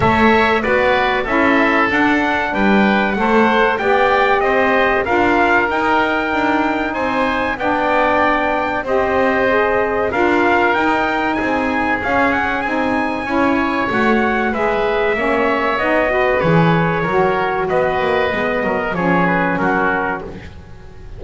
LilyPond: <<
  \new Staff \with { instrumentName = "trumpet" } { \time 4/4 \tempo 4 = 95 e''4 d''4 e''4 fis''4 | g''4 fis''4 g''4 dis''4 | f''4 g''2 gis''4 | g''2 dis''2 |
f''4 g''4 gis''4 f''8 fis''8 | gis''2 fis''4 e''4~ | e''4 dis''4 cis''2 | dis''2 cis''8 b'8 ais'4 | }
  \new Staff \with { instrumentName = "oboe" } { \time 4/4 cis''4 b'4 a'2 | b'4 c''4 d''4 c''4 | ais'2. c''4 | d''2 c''2 |
ais'2 gis'2~ | gis'4 cis''2 b'4 | cis''4. b'4. ais'4 | b'4. ais'8 gis'4 fis'4 | }
  \new Staff \with { instrumentName = "saxophone" } { \time 4/4 a'4 fis'4 e'4 d'4~ | d'4 a'4 g'2 | f'4 dis'2. | d'2 g'4 gis'4 |
f'4 dis'2 cis'4 | dis'4 e'4 fis'4 gis'4 | cis'4 dis'8 fis'8 gis'4 fis'4~ | fis'4 b4 cis'2 | }
  \new Staff \with { instrumentName = "double bass" } { \time 4/4 a4 b4 cis'4 d'4 | g4 a4 b4 c'4 | d'4 dis'4 d'4 c'4 | b2 c'2 |
d'4 dis'4 c'4 cis'4 | c'4 cis'4 a4 gis4 | ais4 b4 e4 fis4 | b8 ais8 gis8 fis8 f4 fis4 | }
>>